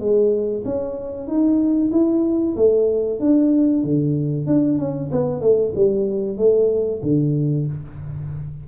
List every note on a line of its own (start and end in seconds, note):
0.00 0.64 G#3
0.65 1.28 C#4
1.28 1.91 D#4
1.92 2.56 E4
2.57 3.20 A3
3.20 3.84 D4
3.84 4.47 D3
4.47 4.79 D4
4.79 5.11 C#4
5.12 5.41 B3
5.41 5.73 A3
5.76 6.37 G3
6.37 7.01 A3
7.03 7.67 D3